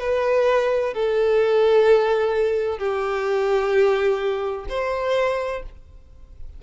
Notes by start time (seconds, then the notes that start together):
0.00 B4
0.94 A4
2.79 G4
4.69 C5